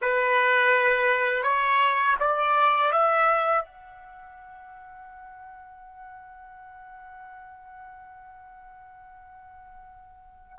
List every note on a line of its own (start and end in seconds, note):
0.01 1.43 B4
1.43 2.16 C#5
2.19 2.92 D5
2.92 3.65 E5
3.65 10.58 F#5